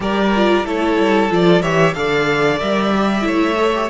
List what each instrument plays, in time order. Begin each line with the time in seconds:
0.00 cello G3, viola G4, violin A#4 D5
0.35 viola F4
0.64 cello A3, viola E4, violin A4 C#5
0.97 cello G3
1.30 cello F3, viola F4, violin D5
1.61 cello E3, viola G4, violin C#5 E5
1.93 cello D3, viola A4, violin D5 F5
2.59 cello G3, viola A#4, violin E5
2.94 viola G4
3.21 cello A3, viola E4, violin C#5
3.57 viola A4
3.74 viola G4